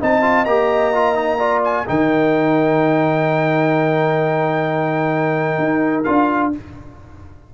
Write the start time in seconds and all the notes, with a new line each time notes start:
0.00 C4 D#4 D#5 A5
0.22 F4
0.45 A#3 G4 A#5
0.94 F4
1.15 D#4
1.38 F4 D5
1.64 G#5
1.86 D#3 D#4 A#4 G5
5.58 D#4
6.03 D4 F4 F5